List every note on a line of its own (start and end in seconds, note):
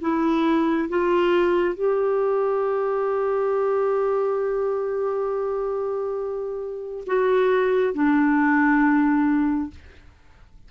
0.00 0.88 E4
0.89 1.74 F4
1.74 7.04 G4
7.06 7.94 F#4
7.94 9.70 D4